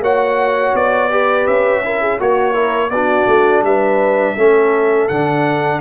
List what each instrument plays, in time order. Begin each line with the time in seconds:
0.00 tuba A#3, trombone F#4, horn C#5, trumpet F#5
0.74 tuba B3, trumpet D5
1.10 trombone G4, horn B4
1.47 tuba C#4, trumpet E5
1.83 trombone E4, horn A#4
2.01 horn G#4
2.20 tuba A#3, trombone F#4, horn F#4, trumpet C#5
2.53 trombone E4, horn A#4
2.90 tuba B3, trombone D4, horn F#4, trumpet D5
3.26 tuba A3
3.62 tuba G3, horn B4, trumpet E5
4.34 tuba A3, trombone C#4, horn A4
5.08 tuba D3, trombone D4, trumpet F#5